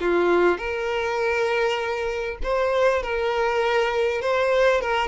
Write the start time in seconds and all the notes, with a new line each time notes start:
0.00 F4
0.58 A#4
2.43 C5
3.03 A#4
4.21 C5
4.81 A#4